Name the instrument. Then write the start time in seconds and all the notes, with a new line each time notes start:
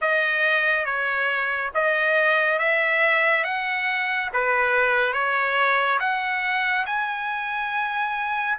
trumpet
0.01 D#5
0.85 C#5
1.74 D#5
2.58 E5
3.44 F#5
4.33 B4
5.13 C#5
5.99 F#5
6.86 G#5